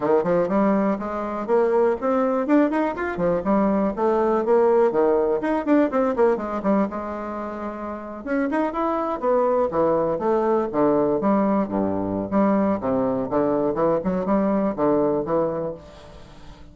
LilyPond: \new Staff \with { instrumentName = "bassoon" } { \time 4/4 \tempo 4 = 122 dis8 f8 g4 gis4 ais4 | c'4 d'8 dis'8 f'8 f8 g4 | a4 ais4 dis4 dis'8 d'8 | c'8 ais8 gis8 g8 gis2~ |
gis8. cis'8 dis'8 e'4 b4 e16~ | e8. a4 d4 g4 g,16~ | g,4 g4 c4 d4 | e8 fis8 g4 d4 e4 | }